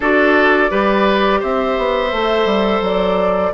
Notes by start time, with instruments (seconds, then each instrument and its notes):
0.00 bassoon D4, clarinet F#4, oboe A4, flute D5
0.68 bassoon G3, clarinet G4, oboe B4
1.40 bassoon C4, oboe C5, flute E5
1.78 bassoon B3
2.11 bassoon A3, clarinet A4
2.45 bassoon G3
2.81 bassoon F#3, flute D5